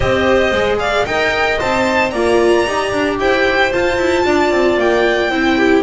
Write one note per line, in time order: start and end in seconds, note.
0.00 0.52 C4
0.00 0.52 G4
0.00 0.79 C5
0.00 0.78 D#5
0.52 1.05 G#3
0.52 1.05 G#4
0.79 1.06 D5
0.79 1.05 F5
1.05 1.59 D#4
1.05 1.59 A#4
1.05 2.10 D#5
1.05 1.58 G5
1.59 2.13 C4
1.59 2.12 C5
1.59 2.10 A5
2.10 2.66 A#3
2.10 2.66 F4
2.10 3.17 D5
2.10 3.16 A#5
2.66 2.92 D#4
2.66 3.71 G4
2.92 3.19 D4
3.19 3.72 E4
3.19 4.25 C5
3.19 3.72 G5
3.71 5.30 F4
3.71 3.97 F4
3.71 4.78 A5
3.97 4.24 E4
4.25 4.51 D4
4.25 5.31 D5
4.51 4.77 C4
4.77 5.30 A#3
4.77 5.82 G5
5.30 5.82 C4
5.30 5.82 E4
5.30 5.58 C5
5.58 5.82 G4